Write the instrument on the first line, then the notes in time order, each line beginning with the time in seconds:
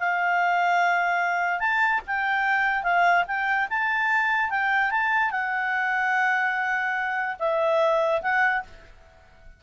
clarinet
0.00 F5
1.60 A5
2.07 G5
2.84 F5
3.27 G5
3.70 A5
4.51 G5
4.91 A5
5.31 F#5
7.40 E5
8.22 F#5